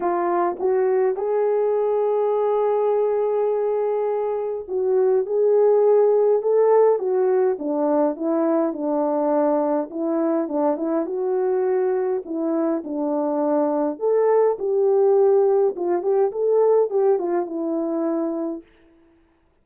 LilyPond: \new Staff \with { instrumentName = "horn" } { \time 4/4 \tempo 4 = 103 f'4 fis'4 gis'2~ | gis'1 | fis'4 gis'2 a'4 | fis'4 d'4 e'4 d'4~ |
d'4 e'4 d'8 e'8 fis'4~ | fis'4 e'4 d'2 | a'4 g'2 f'8 g'8 | a'4 g'8 f'8 e'2 | }